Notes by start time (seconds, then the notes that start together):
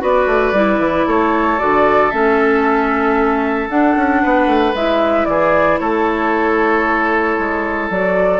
0.00 B3 F#4 B4 D5
0.26 A3
0.52 G3 E4
0.79 E3
1.07 A3 A4 C#5
1.58 D3 F#4 D5
2.10 A3 C#4 E5
3.69 D4 F#5
3.96 C#4
4.22 B3 B4
4.46 A3
4.74 G#3 E4 E5
5.25 E3 G#4 D5
5.79 A3 A4 C#5
7.38 G#3
7.90 F#3 F#4 D5